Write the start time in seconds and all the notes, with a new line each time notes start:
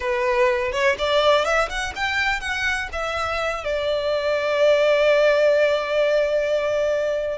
0.00 B4
0.71 C#5
0.98 D5
1.44 E5
1.69 F#5
1.95 G5
2.40 F#5
2.92 E5
3.64 D5